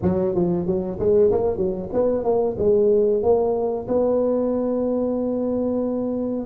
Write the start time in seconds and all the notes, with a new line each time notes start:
0.02 F#3
0.34 F3
0.66 F#3
0.99 G#3
1.31 A#3
1.57 F#3
1.92 B3
2.24 A#3
2.58 G#3
3.23 A#3
3.88 B3